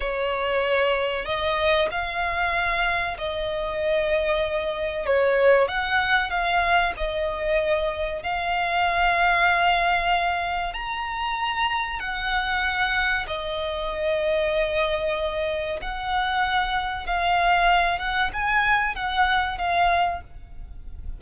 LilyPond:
\new Staff \with { instrumentName = "violin" } { \time 4/4 \tempo 4 = 95 cis''2 dis''4 f''4~ | f''4 dis''2. | cis''4 fis''4 f''4 dis''4~ | dis''4 f''2.~ |
f''4 ais''2 fis''4~ | fis''4 dis''2.~ | dis''4 fis''2 f''4~ | f''8 fis''8 gis''4 fis''4 f''4 | }